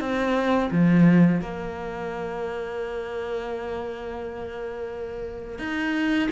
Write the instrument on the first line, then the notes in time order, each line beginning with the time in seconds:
cello
0.00 C4
0.72 F3
1.41 A#3
5.59 D#4